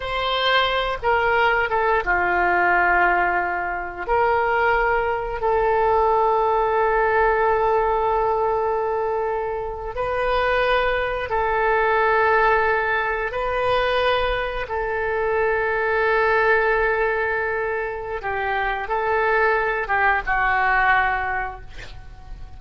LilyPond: \new Staff \with { instrumentName = "oboe" } { \time 4/4 \tempo 4 = 89 c''4. ais'4 a'8 f'4~ | f'2 ais'2 | a'1~ | a'2~ a'8. b'4~ b'16~ |
b'8. a'2. b'16~ | b'4.~ b'16 a'2~ a'16~ | a'2. g'4 | a'4. g'8 fis'2 | }